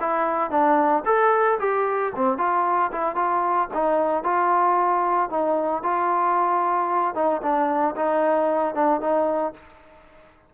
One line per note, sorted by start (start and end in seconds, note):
0.00 0.50 E4
0.50 1.03 D4
1.05 1.58 A4
1.59 2.12 G4
2.15 2.38 C4
2.38 2.91 F4
2.92 3.15 E4
3.15 3.68 F4
3.74 4.23 D#4
4.23 5.30 F4
5.30 5.83 D#4
5.83 7.14 F4
7.14 7.41 D#4
7.42 7.95 D4
7.95 8.74 D#4
8.74 9.00 D4
9.00 9.53 D#4